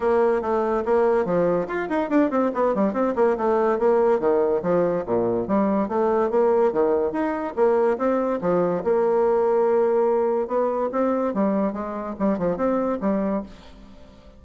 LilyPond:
\new Staff \with { instrumentName = "bassoon" } { \time 4/4 \tempo 4 = 143 ais4 a4 ais4 f4 | f'8 dis'8 d'8 c'8 b8 g8 c'8 ais8 | a4 ais4 dis4 f4 | ais,4 g4 a4 ais4 |
dis4 dis'4 ais4 c'4 | f4 ais2.~ | ais4 b4 c'4 g4 | gis4 g8 f8 c'4 g4 | }